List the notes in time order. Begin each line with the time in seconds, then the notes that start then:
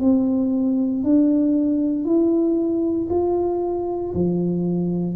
0.00 C4
1.03 D4
2.05 E4
3.10 F4
4.14 F3